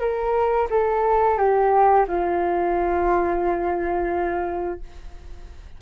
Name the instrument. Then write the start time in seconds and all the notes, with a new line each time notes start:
flute
0.00 A#4
0.70 A4
1.38 G4
2.08 F4